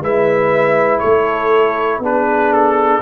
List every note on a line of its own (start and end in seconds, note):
0.00 1.00 G#3
0.00 2.02 E4
0.00 0.99 B4
0.00 0.99 E5
0.99 1.99 A3
0.99 1.99 A4
0.99 1.99 C#5
1.99 2.99 B3
1.99 3.01 D4
1.99 3.01 G#4
1.99 2.52 B4
2.52 3.01 A4